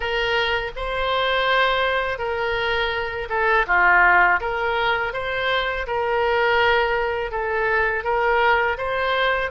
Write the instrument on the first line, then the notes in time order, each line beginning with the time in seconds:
oboe
0.00 A#4
0.75 C5
2.18 A#4
3.29 A4
3.67 F4
4.40 A#4
5.13 C5
5.87 A#4
7.31 A4
8.04 A#4
8.77 C5